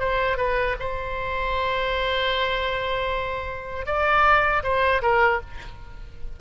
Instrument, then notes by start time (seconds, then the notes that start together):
oboe
0.00 C5
0.37 B4
0.80 C5
3.86 D5
4.63 C5
5.02 A#4